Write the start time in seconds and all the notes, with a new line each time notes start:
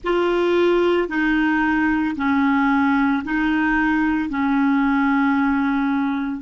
0.03 F4
1.08 D#4
2.16 C#4
3.24 D#4
4.29 C#4